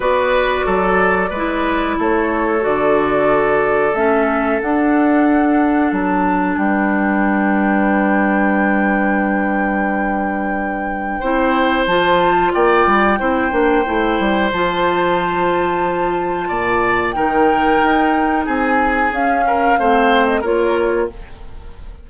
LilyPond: <<
  \new Staff \with { instrumentName = "flute" } { \time 4/4 \tempo 4 = 91 d''2. cis''4 | d''2 e''4 fis''4~ | fis''4 a''4 g''2~ | g''1~ |
g''2 a''4 g''4~ | g''2 a''2~ | a''2 g''2 | gis''4 f''4.~ f''16 dis''16 cis''4 | }
  \new Staff \with { instrumentName = "oboe" } { \time 4/4 b'4 a'4 b'4 a'4~ | a'1~ | a'2 b'2~ | b'1~ |
b'4 c''2 d''4 | c''1~ | c''4 d''4 ais'2 | gis'4. ais'8 c''4 ais'4 | }
  \new Staff \with { instrumentName = "clarinet" } { \time 4/4 fis'2 e'2 | fis'2 cis'4 d'4~ | d'1~ | d'1~ |
d'4 e'4 f'2 | e'8 d'8 e'4 f'2~ | f'2 dis'2~ | dis'4 cis'4 c'4 f'4 | }
  \new Staff \with { instrumentName = "bassoon" } { \time 4/4 b4 fis4 gis4 a4 | d2 a4 d'4~ | d'4 fis4 g2~ | g1~ |
g4 c'4 f4 ais8 g8 | c'8 ais8 a8 g8 f2~ | f4 ais,4 dis4 dis'4 | c'4 cis'4 a4 ais4 | }
>>